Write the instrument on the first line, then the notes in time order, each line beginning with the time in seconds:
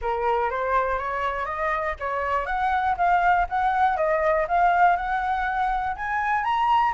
flute
0.01 A#4
0.50 C5
0.98 C#5
1.45 D#5
1.99 C#5
2.45 F#5
2.97 F5
3.49 F#5
3.96 D#5
4.48 F5
4.96 F#5
5.95 G#5
6.43 A#5